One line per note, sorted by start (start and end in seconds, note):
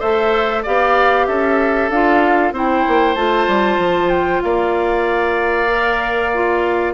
0.00 0.65 A3
0.00 0.65 A4
0.00 0.63 C5
0.00 0.64 E5
0.63 1.28 B3
0.63 1.92 G4
0.63 1.26 D5
0.63 1.27 F5
1.27 1.90 C#4
1.27 2.54 A4
1.27 1.90 E5
1.90 2.52 D4
1.90 2.54 F4
1.90 2.54 F5
2.52 2.84 C4
2.52 3.16 E4
2.52 4.43 C5
2.52 3.15 G5
2.88 3.16 A#3
3.15 3.47 A3
3.15 5.69 F4
3.15 4.10 A5
3.48 3.78 G3
3.78 4.41 F3
4.10 4.42 G5
4.42 6.94 A#3
4.42 6.94 D5
4.42 6.94 F5
5.70 6.33 A#4
6.34 6.94 F4